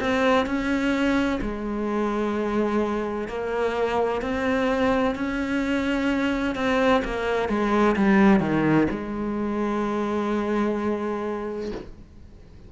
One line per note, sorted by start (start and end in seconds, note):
0.00 0.46 C4
0.46 1.39 C#4
1.41 3.28 G#3
3.28 4.21 A#3
4.21 5.15 C4
5.15 6.55 C#4
6.55 7.02 C4
7.04 7.48 A#3
7.48 7.95 G#3
7.96 8.40 G3
8.40 8.87 D#3
8.90 11.71 G#3